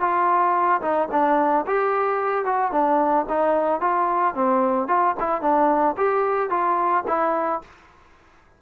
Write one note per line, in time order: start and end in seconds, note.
0.00 0.81 F4
0.81 1.08 D#4
1.11 1.65 D4
1.67 2.45 G4
2.45 2.72 F#4
2.72 3.26 D4
3.29 3.81 D#4
3.81 4.35 F4
4.35 4.88 C4
4.88 5.15 F4
5.20 5.42 E4
5.42 5.96 D4
5.97 6.50 G4
6.50 7.04 F4
7.07 7.61 E4